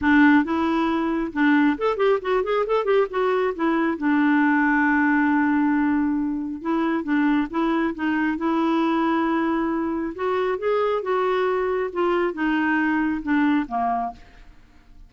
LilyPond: \new Staff \with { instrumentName = "clarinet" } { \time 4/4 \tempo 4 = 136 d'4 e'2 d'4 | a'8 g'8 fis'8 gis'8 a'8 g'8 fis'4 | e'4 d'2.~ | d'2. e'4 |
d'4 e'4 dis'4 e'4~ | e'2. fis'4 | gis'4 fis'2 f'4 | dis'2 d'4 ais4 | }